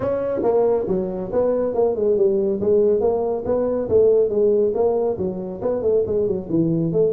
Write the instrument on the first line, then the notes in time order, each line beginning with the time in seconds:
tuba
0.00 C#4
0.42 A#3
0.88 F#3
1.32 B3
1.74 A#3
1.95 G#3
2.16 G3
2.60 G#3
3.00 A#3
3.45 B3
3.88 A3
4.29 G#3
4.74 A#3
5.17 F#3
5.61 B3
5.82 A3
6.06 G#3
6.27 F#3
6.49 E3
6.92 A3